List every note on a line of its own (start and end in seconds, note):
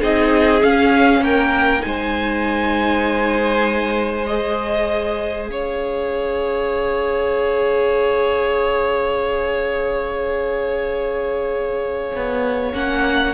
0.00 0.63 C4
0.00 0.61 D#4
0.00 1.21 G#4
0.00 0.64 D#5
0.61 1.80 C#4
0.61 1.20 C#4
0.61 1.24 F5
1.20 1.81 A#3
1.20 1.85 A#4
1.20 1.82 G5
1.80 5.49 G#3
1.80 4.22 D#4
1.80 4.25 G#5
1.87 5.51 C5
4.27 12.73 G#4
4.27 5.48 D#5
5.48 12.15 C#4
5.48 13.34 C#5
5.48 12.75 F5
12.16 12.74 B3
12.73 13.34 A#3
12.73 13.34 C#4
12.73 13.34 F#5